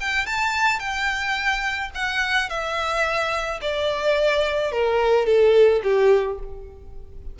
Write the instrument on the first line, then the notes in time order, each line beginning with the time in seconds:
violin
0.00 G5
0.26 A5
0.79 G5
1.95 F#5
2.49 E5
3.61 D5
4.72 A#4
5.26 A4
5.83 G4